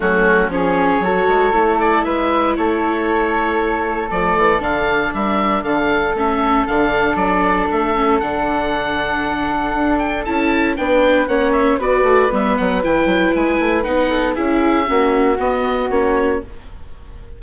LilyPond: <<
  \new Staff \with { instrumentName = "oboe" } { \time 4/4 \tempo 4 = 117 fis'4 cis''2~ cis''8 d''8 | e''4 cis''2. | d''4 f''4 e''4 f''4 | e''4 f''4 d''4 e''4 |
fis''2.~ fis''8 g''8 | a''4 g''4 fis''8 e''8 d''4 | e''8 fis''8 g''4 gis''4 fis''4 | e''2 dis''4 cis''4 | }
  \new Staff \with { instrumentName = "flute" } { \time 4/4 cis'4 gis'4 a'2 | b'4 a'2.~ | a'2 ais'4 a'4~ | a'1~ |
a'1~ | a'4 b'4 cis''4 b'4~ | b'2.~ b'8 a'8 | gis'4 fis'2. | }
  \new Staff \with { instrumentName = "viola" } { \time 4/4 a4 cis'4 fis'4 e'4~ | e'1 | a4 d'2. | cis'4 d'2~ d'8 cis'8 |
d'1 | e'4 d'4 cis'4 fis'4 | b4 e'2 dis'4 | e'4 cis'4 b4 cis'4 | }
  \new Staff \with { instrumentName = "bassoon" } { \time 4/4 fis4 f4 fis8 gis8 a4 | gis4 a2. | f8 e8 d4 g4 d4 | a4 d4 fis4 a4 |
d2. d'4 | cis'4 b4 ais4 b8 a8 | g8 fis8 e8 fis8 gis8 a8 b4 | cis'4 ais4 b4 ais4 | }
>>